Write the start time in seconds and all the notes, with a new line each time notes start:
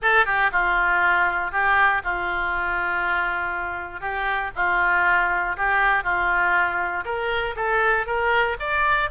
0.02 A4
0.25 G4
0.52 F4
1.51 G4
2.04 F4
4.00 G4
4.55 F4
5.56 G4
6.03 F4
7.04 A#4
7.55 A4
8.06 A#4
8.59 D5